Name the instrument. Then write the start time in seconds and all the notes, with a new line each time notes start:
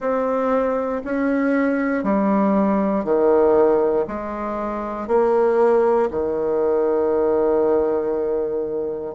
bassoon
0.00 C4
1.04 C#4
2.03 G3
3.04 D#3
4.07 G#3
5.07 A#3
6.10 D#3